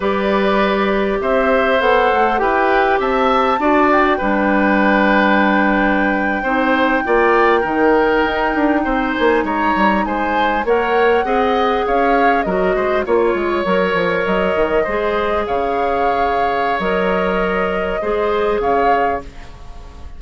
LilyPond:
<<
  \new Staff \with { instrumentName = "flute" } { \time 4/4 \tempo 4 = 100 d''2 e''4 fis''4 | g''4 a''4. g''4.~ | g''1~ | g''2.~ g''16 gis''8 ais''16~ |
ais''8. gis''4 fis''2 f''16~ | f''8. dis''4 cis''2 dis''16~ | dis''4.~ dis''16 f''2~ f''16 | dis''2. f''4 | }
  \new Staff \with { instrumentName = "oboe" } { \time 4/4 b'2 c''2 | b'4 e''4 d''4 b'4~ | b'2~ b'8. c''4 d''16~ | d''8. ais'2 c''4 cis''16~ |
cis''8. c''4 cis''4 dis''4 cis''16~ | cis''8. ais'8 c''8 cis''2~ cis''16~ | cis''8. c''4 cis''2~ cis''16~ | cis''2 c''4 cis''4 | }
  \new Staff \with { instrumentName = "clarinet" } { \time 4/4 g'2. a'4 | g'2 fis'4 d'4~ | d'2~ d'8. dis'4 f'16~ | f'8. dis'2.~ dis'16~ |
dis'4.~ dis'16 ais'4 gis'4~ gis'16~ | gis'8. fis'4 f'4 ais'4~ ais'16~ | ais'8. gis'2.~ gis'16 | ais'2 gis'2 | }
  \new Staff \with { instrumentName = "bassoon" } { \time 4/4 g2 c'4 b8 a8 | e'4 c'4 d'4 g4~ | g2~ g8. c'4 ais16~ | ais8. dis4 dis'8 d'8 c'8 ais8 gis16~ |
gis16 g8 gis4 ais4 c'4 cis'16~ | cis'8. fis8 gis8 ais8 gis8 fis8 f8 fis16~ | fis16 dis8 gis4 cis2~ cis16 | fis2 gis4 cis4 | }
>>